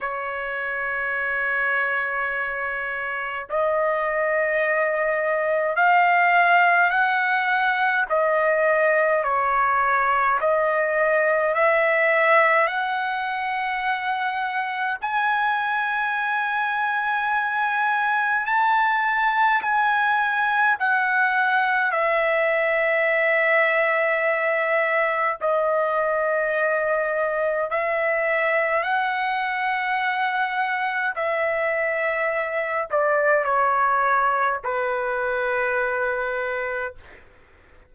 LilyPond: \new Staff \with { instrumentName = "trumpet" } { \time 4/4 \tempo 4 = 52 cis''2. dis''4~ | dis''4 f''4 fis''4 dis''4 | cis''4 dis''4 e''4 fis''4~ | fis''4 gis''2. |
a''4 gis''4 fis''4 e''4~ | e''2 dis''2 | e''4 fis''2 e''4~ | e''8 d''8 cis''4 b'2 | }